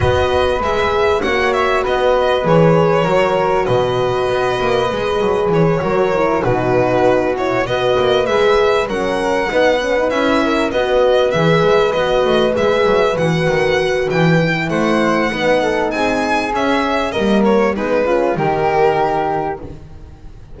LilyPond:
<<
  \new Staff \with { instrumentName = "violin" } { \time 4/4 \tempo 4 = 98 dis''4 e''4 fis''8 e''8 dis''4 | cis''2 dis''2~ | dis''4 cis''4. b'4. | cis''8 dis''4 e''4 fis''4.~ |
fis''8 e''4 dis''4 e''4 dis''8~ | dis''8 e''4 fis''4. g''4 | fis''2 gis''4 e''4 | dis''8 cis''8 b'4 ais'2 | }
  \new Staff \with { instrumentName = "flute" } { \time 4/4 b'2 cis''4 b'4~ | b'4 ais'4 b'2~ | b'4. ais'4 fis'4.~ | fis'8 b'2 ais'4 b'8~ |
b'4 ais'8 b'2~ b'8~ | b'1 | c''4 b'8 a'8 gis'2 | ais'4 dis'8 f'8 g'2 | }
  \new Staff \with { instrumentName = "horn" } { \time 4/4 fis'4 gis'4 fis'2 | gis'4 fis'2. | gis'4. fis'8 e'8 dis'4. | e'8 fis'4 gis'4 cis'4 dis'8 |
cis'16 dis'16 e'4 fis'4 gis'4 fis'8~ | fis'8 gis'4 fis'2 e'8~ | e'4 dis'2 cis'4 | ais4 b8 cis'8 dis'2 | }
  \new Staff \with { instrumentName = "double bass" } { \time 4/4 b4 gis4 ais4 b4 | e4 fis4 b,4 b8 ais8 | gis8 fis8 e8 fis4 b,4.~ | b,8 b8 ais8 gis4 fis4 b8~ |
b8 cis'4 b4 e8 gis8 b8 | a8 gis8 fis8 e8 dis4 e4 | a4 b4 c'4 cis'4 | g4 gis4 dis2 | }
>>